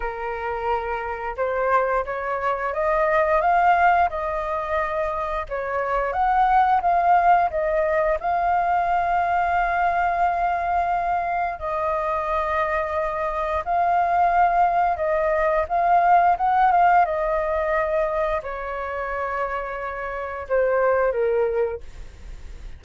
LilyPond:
\new Staff \with { instrumentName = "flute" } { \time 4/4 \tempo 4 = 88 ais'2 c''4 cis''4 | dis''4 f''4 dis''2 | cis''4 fis''4 f''4 dis''4 | f''1~ |
f''4 dis''2. | f''2 dis''4 f''4 | fis''8 f''8 dis''2 cis''4~ | cis''2 c''4 ais'4 | }